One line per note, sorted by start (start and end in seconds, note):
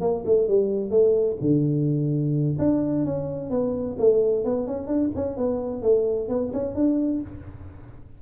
0.00 0.23 A#3
0.25 0.47 A3
0.47 0.90 G3
0.90 1.36 A3
1.41 2.57 D3
2.58 3.05 D4
3.05 3.50 C#4
3.50 3.96 B3
3.98 4.44 A3
4.44 4.67 B3
4.67 4.87 C#4
4.87 5.10 D4
5.15 5.37 C#4
5.37 5.82 B3
5.82 6.28 A3
6.28 6.51 B3
6.53 6.75 C#4
6.75 7.21 D4